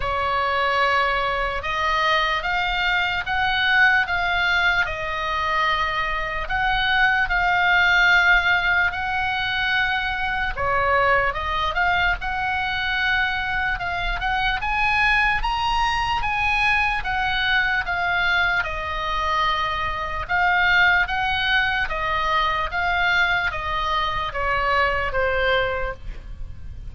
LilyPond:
\new Staff \with { instrumentName = "oboe" } { \time 4/4 \tempo 4 = 74 cis''2 dis''4 f''4 | fis''4 f''4 dis''2 | fis''4 f''2 fis''4~ | fis''4 cis''4 dis''8 f''8 fis''4~ |
fis''4 f''8 fis''8 gis''4 ais''4 | gis''4 fis''4 f''4 dis''4~ | dis''4 f''4 fis''4 dis''4 | f''4 dis''4 cis''4 c''4 | }